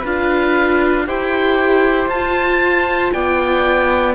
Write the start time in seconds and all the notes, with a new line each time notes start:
0.00 D4 F4 B4 F5
1.06 E4 G4 C5 G5
2.07 F4 A5
3.12 B3 D5 G5